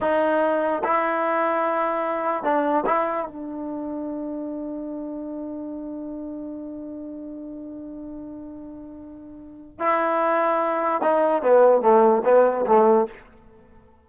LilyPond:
\new Staff \with { instrumentName = "trombone" } { \time 4/4 \tempo 4 = 147 dis'2 e'2~ | e'2 d'4 e'4 | d'1~ | d'1~ |
d'1~ | d'1 | e'2. dis'4 | b4 a4 b4 a4 | }